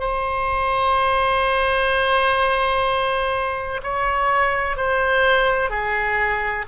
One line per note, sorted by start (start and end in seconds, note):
0.00 3.81 C5
3.83 4.77 C#5
4.77 5.70 C5
5.70 6.65 G#4